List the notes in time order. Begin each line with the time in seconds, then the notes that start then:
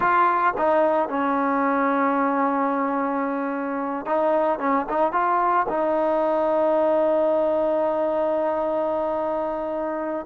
0.00 F4
0.57 D#4
1.08 C#4
4.06 D#4
4.59 C#4
4.89 D#4
5.12 F4
5.68 D#4